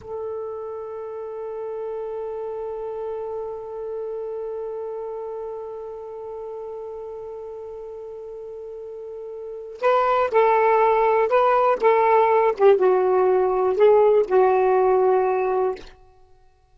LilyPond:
\new Staff \with { instrumentName = "saxophone" } { \time 4/4 \tempo 4 = 122 a'1~ | a'1~ | a'1~ | a'1~ |
a'1 | b'4 a'2 b'4 | a'4. g'8 fis'2 | gis'4 fis'2. | }